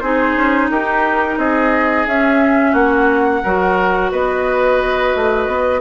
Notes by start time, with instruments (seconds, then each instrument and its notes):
0.00 bassoon C4, clarinet D#4, oboe G#4, flute C5
0.36 bassoon C#4
0.70 bassoon D#4, oboe G4, flute A#4
1.37 bassoon C4, oboe G#4, flute D#5
2.07 bassoon C#4, clarinet C#4, flute E5
2.71 bassoon A#3, oboe F#4, flute F#5
3.43 bassoon F#3, clarinet F#4, oboe A#4
4.11 bassoon B3, oboe B4, flute D#5
5.15 bassoon A3
5.47 bassoon B3